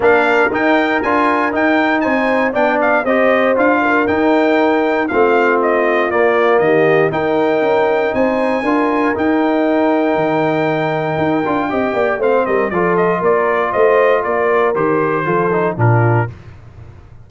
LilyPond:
<<
  \new Staff \with { instrumentName = "trumpet" } { \time 4/4 \tempo 4 = 118 f''4 g''4 gis''4 g''4 | gis''4 g''8 f''8 dis''4 f''4 | g''2 f''4 dis''4 | d''4 dis''4 g''2 |
gis''2 g''2~ | g''1 | f''8 dis''8 d''8 dis''8 d''4 dis''4 | d''4 c''2 ais'4 | }
  \new Staff \with { instrumentName = "horn" } { \time 4/4 ais'1 | c''4 d''4 c''4. ais'8~ | ais'2 f'2~ | f'4 g'4 ais'2 |
c''4 ais'2.~ | ais'2. dis''8 d''8 | c''8 ais'8 a'4 ais'4 c''4 | ais'2 a'4 f'4 | }
  \new Staff \with { instrumentName = "trombone" } { \time 4/4 d'4 dis'4 f'4 dis'4~ | dis'4 d'4 g'4 f'4 | dis'2 c'2 | ais2 dis'2~ |
dis'4 f'4 dis'2~ | dis'2~ dis'8 f'8 g'4 | c'4 f'2.~ | f'4 g'4 f'8 dis'8 d'4 | }
  \new Staff \with { instrumentName = "tuba" } { \time 4/4 ais4 dis'4 d'4 dis'4 | c'4 b4 c'4 d'4 | dis'2 a2 | ais4 dis4 dis'4 cis'4 |
c'4 d'4 dis'2 | dis2 dis'8 d'8 c'8 ais8 | a8 g8 f4 ais4 a4 | ais4 dis4 f4 ais,4 | }
>>